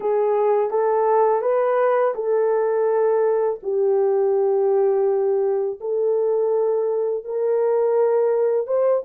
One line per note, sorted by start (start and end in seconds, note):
0.00 0.70 G#4
0.70 1.41 A4
1.41 2.13 B4
2.15 3.59 A4
3.62 5.79 G4
5.80 7.24 A4
7.24 8.66 A#4
8.66 9.03 C5